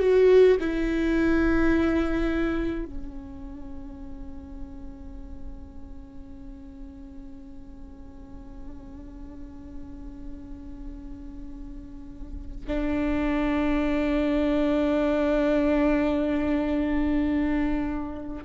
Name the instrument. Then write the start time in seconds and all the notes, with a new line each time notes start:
viola
0.00 F#4
0.60 E4
2.85 C#4
12.68 D4